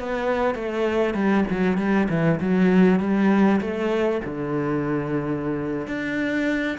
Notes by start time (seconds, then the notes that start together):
0.00 B3
0.55 A3
1.14 G3
1.51 F#3
1.78 G3
2.09 E3
2.40 F#3
3.00 G3
3.61 A3
4.25 D3
5.87 D4